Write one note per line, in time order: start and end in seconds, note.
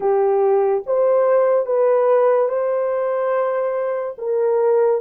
0.00 0.83 G4
0.86 1.66 C5
1.66 2.48 B4
2.48 4.15 C5
4.17 5.01 A#4